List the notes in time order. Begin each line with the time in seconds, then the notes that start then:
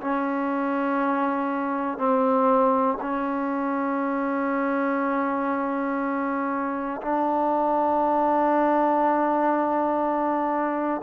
0.00 C#4
1.98 C4
3.00 C#4
7.01 D4